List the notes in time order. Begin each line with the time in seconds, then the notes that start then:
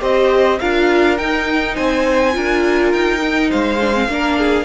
0.00 C4 G4 C5 D#5
0.59 D4 F4 A#4 F5
1.17 D#4 G5
1.75 C4 C5 G#5
2.33 D4 F4 A#4
2.93 D#4 G5
3.21 D#4
3.50 G#3 C5 F5
3.81 D4
3.94 C4
4.08 A#3 D4 A#4
4.39 G#4